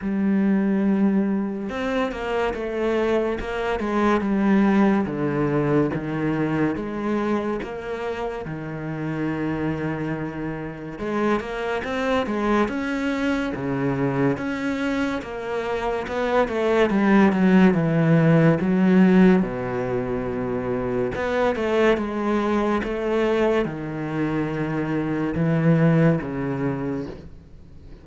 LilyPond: \new Staff \with { instrumentName = "cello" } { \time 4/4 \tempo 4 = 71 g2 c'8 ais8 a4 | ais8 gis8 g4 d4 dis4 | gis4 ais4 dis2~ | dis4 gis8 ais8 c'8 gis8 cis'4 |
cis4 cis'4 ais4 b8 a8 | g8 fis8 e4 fis4 b,4~ | b,4 b8 a8 gis4 a4 | dis2 e4 cis4 | }